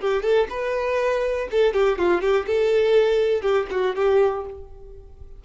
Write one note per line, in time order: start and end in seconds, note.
0.00 0.23 G4
0.23 0.47 A4
0.49 1.48 B4
1.51 1.73 A4
1.73 1.98 G4
1.98 2.21 F4
2.21 2.46 G4
2.47 3.42 A4
3.42 3.66 G4
3.71 3.95 F#4
3.95 4.44 G4